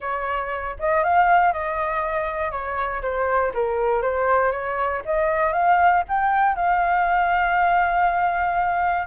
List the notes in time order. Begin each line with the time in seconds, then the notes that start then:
0.00 C#5
0.79 D#5
1.03 F5
1.52 D#5
2.51 C#5
3.02 C5
3.53 A#4
4.02 C5
4.51 C#5
5.05 D#5
5.52 F5
6.08 G5
6.55 F5